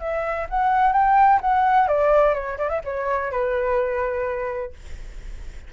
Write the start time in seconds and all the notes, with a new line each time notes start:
0.00 E5
0.50 F#5
0.93 G5
1.41 F#5
1.88 D5
2.34 C#5
2.58 D5
2.70 E5
2.85 C#5
3.32 B4